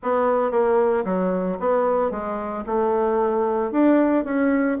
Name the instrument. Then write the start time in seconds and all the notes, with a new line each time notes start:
bassoon
0.02 B3
0.51 A#3
1.05 F#3
1.59 B3
2.10 G#3
2.66 A3
3.71 D4
4.24 C#4